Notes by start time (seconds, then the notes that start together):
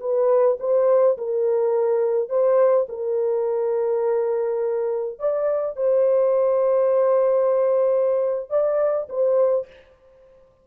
0.00 B4
0.60 C5
1.17 A#4
2.29 C5
2.89 A#4
5.19 D5
5.76 C5
8.50 D5
9.09 C5